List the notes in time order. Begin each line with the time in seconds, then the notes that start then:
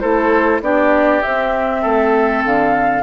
0.00 A3 E4 A4 C5
0.61 B3 D4 G4 D5
1.22 C4 E5
1.82 A3 A4
2.45 D3 F5